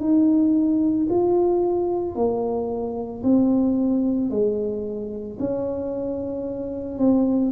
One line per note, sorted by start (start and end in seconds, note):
0.00 1.07 D#4
1.10 2.15 F4
2.15 3.22 A#3
3.23 4.31 C4
4.31 5.38 G#3
5.40 6.98 C#4
6.98 7.51 C4